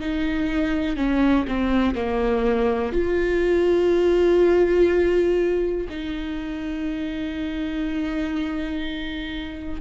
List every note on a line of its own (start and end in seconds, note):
0.00 0.96 D#4
0.96 1.45 C#4
1.48 1.94 C4
1.94 2.92 A#3
2.92 5.87 F4
5.89 9.81 D#4